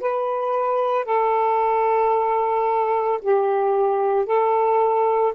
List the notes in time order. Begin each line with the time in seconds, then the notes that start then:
0.00 B4
1.05 A4
3.22 G4
4.26 A4